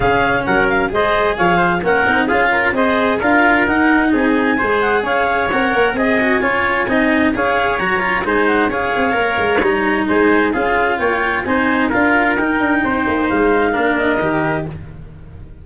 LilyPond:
<<
  \new Staff \with { instrumentName = "clarinet" } { \time 4/4 \tempo 4 = 131 f''4 fis''8 f''8 dis''4 f''4 | fis''4 f''4 dis''4 f''4 | fis''4 gis''4. fis''8 f''4 | fis''4 gis''2. |
f''4 ais''4 gis''8 fis''8 f''4~ | f''4 ais''4 gis''4 f''4 | g''4 gis''4 f''4 g''4~ | g''4 f''4. dis''4. | }
  \new Staff \with { instrumentName = "trumpet" } { \time 4/4 gis'4 ais'4 c''4 cis''8 c''8 | ais'4 gis'8 ais'8 c''4 ais'4~ | ais'4 gis'4 c''4 cis''4~ | cis''4 dis''4 cis''4 dis''4 |
cis''2 c''4 cis''4~ | cis''2 c''4 gis'4 | cis''4 c''4 ais'2 | c''2 ais'2 | }
  \new Staff \with { instrumentName = "cello" } { \time 4/4 cis'2 gis'2 | cis'8 dis'8 f'4 gis'4 f'4 | dis'2 gis'2 | ais'4 gis'8 fis'8 f'4 dis'4 |
gis'4 fis'8 f'8 dis'4 gis'4 | ais'4 dis'2 f'4~ | f'4 dis'4 f'4 dis'4~ | dis'2 d'4 g'4 | }
  \new Staff \with { instrumentName = "tuba" } { \time 4/4 cis4 fis4 gis4 f4 | ais8 c'8 cis'4 c'4 d'4 | dis'4 c'4 gis4 cis'4 | c'8 ais8 c'4 cis'4 c'4 |
cis'4 fis4 gis4 cis'8 c'8 | ais8 gis8 g4 gis4 cis'4 | ais4 c'4 d'4 dis'8 d'8 | c'8 ais8 gis4 ais4 dis4 | }
>>